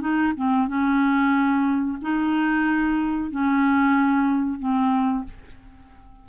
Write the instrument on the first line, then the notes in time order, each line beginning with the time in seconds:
clarinet
0.00 D#4
0.36 C4
0.67 C#4
2.01 D#4
3.31 C#4
4.59 C4